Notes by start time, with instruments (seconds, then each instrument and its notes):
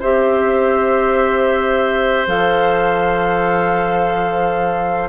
0.00 bassoon C4, clarinet G4, oboe C5, flute E5
2.27 bassoon F3, clarinet A4, flute F5